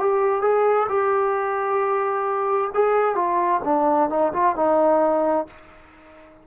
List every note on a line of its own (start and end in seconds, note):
0.00 0.42 G4
0.42 0.88 G#4
0.89 2.71 G4
2.74 3.16 G#4
3.16 3.61 F4
3.64 4.10 D4
4.10 4.33 D#4
4.33 4.56 F4
4.56 5.47 D#4